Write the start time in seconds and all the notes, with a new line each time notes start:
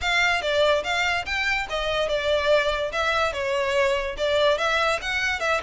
0.01 F5
0.41 D5
0.83 F5
1.25 G5
1.69 D#5
2.08 D5
2.92 E5
3.32 C#5
4.17 D5
4.58 E5
5.01 F#5
5.40 E5